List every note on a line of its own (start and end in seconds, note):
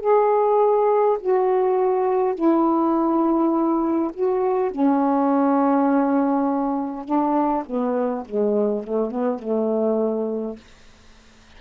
0.00 1.18 G#4
1.20 2.35 F#4
2.35 4.11 E4
4.13 4.71 F#4
4.71 7.05 C#4
7.05 7.64 D4
7.65 8.24 B3
8.25 8.83 G#3
8.83 9.11 A3
9.11 9.39 B3
9.39 10.56 A3